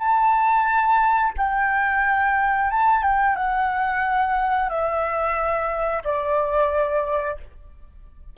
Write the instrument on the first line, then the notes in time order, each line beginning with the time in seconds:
flute
0.00 A5
1.38 G5
2.71 A5
3.03 G5
3.36 F#5
4.70 E5
6.05 D5